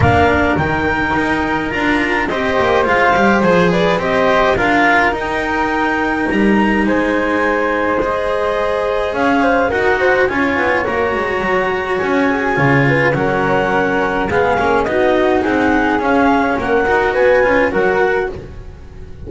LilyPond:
<<
  \new Staff \with { instrumentName = "clarinet" } { \time 4/4 \tempo 4 = 105 f''4 g''2 ais''4 | dis''4 f''4 c''8 d''8 dis''4 | f''4 g''2 ais''4 | gis''2 dis''2 |
f''4 fis''4 gis''4 ais''4~ | ais''4 gis''2 fis''4~ | fis''4 f''4 dis''4 fis''4 | f''4 fis''4 gis''4 fis''4 | }
  \new Staff \with { instrumentName = "flute" } { \time 4/4 ais'1 | c''2~ c''8 b'8 c''4 | ais'1 | c''1 |
cis''8 c''8 ais'8 c''8 cis''2~ | cis''4. gis'8 cis''8 b'8 ais'4~ | ais'4 gis'4 fis'4 gis'4~ | gis'4 ais'4 b'4 ais'4 | }
  \new Staff \with { instrumentName = "cello" } { \time 4/4 d'4 dis'2 f'4 | g'4 f'8 g'8 gis'4 g'4 | f'4 dis'2.~ | dis'2 gis'2~ |
gis'4 fis'4 f'4 fis'4~ | fis'2 f'4 cis'4~ | cis'4 b8 cis'8 dis'2 | cis'4. fis'4 f'8 fis'4 | }
  \new Staff \with { instrumentName = "double bass" } { \time 4/4 ais4 dis4 dis'4 d'4 | c'8 ais8 gis8 g8 f4 c'4 | d'4 dis'2 g4 | gis1 |
cis'4 dis'4 cis'8 b8 ais8 gis8 | fis4 cis'4 cis4 fis4~ | fis4 gis8 ais8 b4 c'4 | cis'4 ais8 dis'8 b8 cis'8 fis4 | }
>>